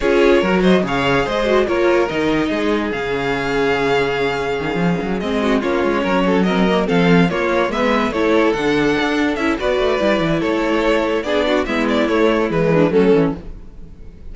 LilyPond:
<<
  \new Staff \with { instrumentName = "violin" } { \time 4/4 \tempo 4 = 144 cis''4. dis''8 f''4 dis''4 | cis''4 dis''2 f''4~ | f''1~ | f''8 dis''4 cis''2 dis''8~ |
dis''8 f''4 cis''4 e''4 cis''8~ | cis''8 fis''2 e''8 d''4~ | d''4 cis''2 d''4 | e''8 d''8 cis''4 b'4 a'4 | }
  \new Staff \with { instrumentName = "violin" } { \time 4/4 gis'4 ais'8 c''8 cis''4 c''4 | ais'2 gis'2~ | gis'1~ | gis'4 fis'8 f'4 ais'8 a'8 ais'8~ |
ais'8 a'4 f'4 b'4 a'8~ | a'2. b'4~ | b'4 a'2 gis'8 fis'8 | e'2~ e'8 d'8 cis'4 | }
  \new Staff \with { instrumentName = "viola" } { \time 4/4 f'4 fis'4 gis'4. fis'8 | f'4 dis'2 cis'4~ | cis'1~ | cis'8 c'4 cis'2 c'8 |
ais8 c'4 ais4 b4 e'8~ | e'8 d'2 e'8 fis'4 | e'2. d'4 | b4 a4 gis4 a8 cis'8 | }
  \new Staff \with { instrumentName = "cello" } { \time 4/4 cis'4 fis4 cis4 gis4 | ais4 dis4 gis4 cis4~ | cis2. dis8 f8 | fis8 gis4 ais8 gis8 fis4.~ |
fis8 f4 ais4 gis4 a8~ | a8 d4 d'4 cis'8 b8 a8 | g8 e8 a2 b4 | gis4 a4 e4 fis8 e8 | }
>>